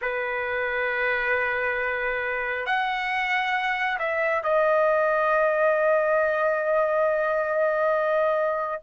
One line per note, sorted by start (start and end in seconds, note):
0.01 2.66 B4
2.66 3.98 F#5
3.99 4.43 E5
4.43 8.82 D#5